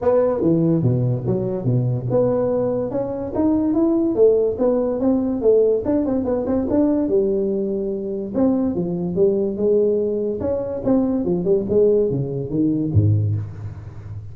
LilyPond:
\new Staff \with { instrumentName = "tuba" } { \time 4/4 \tempo 4 = 144 b4 e4 b,4 fis4 | b,4 b2 cis'4 | dis'4 e'4 a4 b4 | c'4 a4 d'8 c'8 b8 c'8 |
d'4 g2. | c'4 f4 g4 gis4~ | gis4 cis'4 c'4 f8 g8 | gis4 cis4 dis4 gis,4 | }